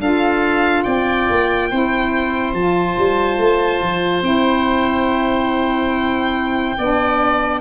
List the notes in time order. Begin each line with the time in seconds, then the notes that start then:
0.00 D4 F4 A4 F5
0.83 C4 D5 G5
1.30 A#3
1.70 C4 E4 C5
2.54 F3 F4 A5
2.98 G3
3.38 A3
3.81 F3
4.22 C4 E4 G5
6.78 B3 D4 D5